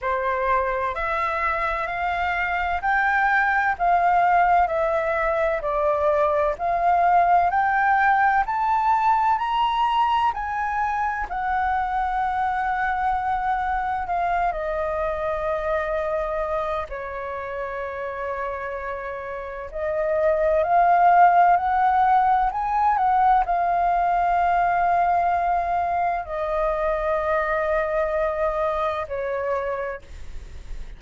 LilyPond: \new Staff \with { instrumentName = "flute" } { \time 4/4 \tempo 4 = 64 c''4 e''4 f''4 g''4 | f''4 e''4 d''4 f''4 | g''4 a''4 ais''4 gis''4 | fis''2. f''8 dis''8~ |
dis''2 cis''2~ | cis''4 dis''4 f''4 fis''4 | gis''8 fis''8 f''2. | dis''2. cis''4 | }